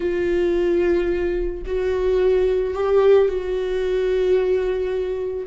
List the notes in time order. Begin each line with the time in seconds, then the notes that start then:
0.00 F4
1.65 F#4
2.74 G4
3.28 F#4